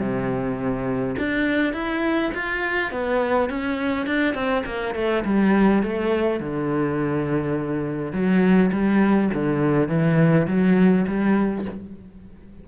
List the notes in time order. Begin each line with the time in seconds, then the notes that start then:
0.00 C3
1.19 D4
1.74 E4
2.34 F4
2.92 B3
3.50 C#4
4.07 D4
4.35 C4
4.66 A#3
4.95 A3
5.25 G3
5.83 A3
6.40 D3
8.13 F#3
8.72 G3
9.34 D3
9.89 E3
10.48 F#3
11.07 G3